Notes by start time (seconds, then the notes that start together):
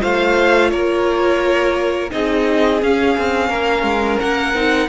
0.00 A3 F4 C5 F5
0.70 A#3 A#4 C#5
2.10 C4 D#4 G#4 D#5
2.82 C#4 F5
3.17 C4
3.49 A#3 A#4
3.83 G#3
4.19 A#3 F#5
4.54 C4 D#4